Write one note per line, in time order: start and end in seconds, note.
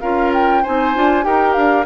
0.00 0.64 C#4
0.00 0.64 F4
0.00 0.62 A#4
0.00 0.31 F5
0.33 0.64 G5
0.62 0.96 C4
0.62 0.94 D#4
0.62 1.24 C5
0.62 1.24 G#5
0.94 1.25 D4
0.94 1.22 F4
1.22 1.55 D#4
1.22 1.84 G4
1.22 1.85 A#4
1.22 1.53 G5
1.53 1.85 D4
1.53 1.84 F5